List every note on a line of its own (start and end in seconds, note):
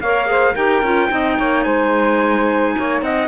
0.00 0.55 A#3
0.00 0.26 A#4
0.00 0.29 C#5
0.00 0.56 F5
0.26 0.54 G#4
0.26 0.54 C5
0.54 0.82 D#4
0.54 0.84 G4
0.54 1.09 A#4
0.54 1.64 G5
0.82 1.10 C#4
0.82 1.10 F4
1.10 1.39 C4
1.10 3.28 D#4
1.10 1.37 D#5
1.37 1.65 A#3
1.37 1.65 C#5
1.64 2.75 G#3
1.64 2.75 C5
1.64 3.01 G#5
2.77 3.02 A#3
2.77 3.04 C#5
3.02 3.28 C4
3.02 3.28 D#5
3.02 3.28 F#5